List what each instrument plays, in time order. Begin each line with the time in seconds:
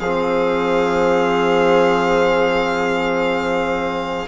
0.00 bassoon F3, trombone C4, violin G#4 F5